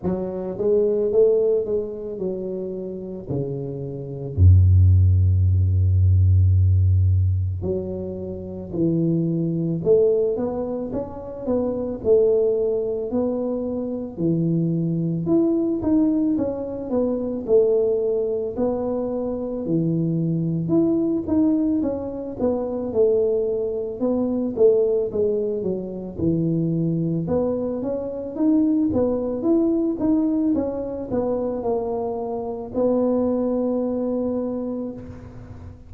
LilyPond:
\new Staff \with { instrumentName = "tuba" } { \time 4/4 \tempo 4 = 55 fis8 gis8 a8 gis8 fis4 cis4 | fis,2. fis4 | e4 a8 b8 cis'8 b8 a4 | b4 e4 e'8 dis'8 cis'8 b8 |
a4 b4 e4 e'8 dis'8 | cis'8 b8 a4 b8 a8 gis8 fis8 | e4 b8 cis'8 dis'8 b8 e'8 dis'8 | cis'8 b8 ais4 b2 | }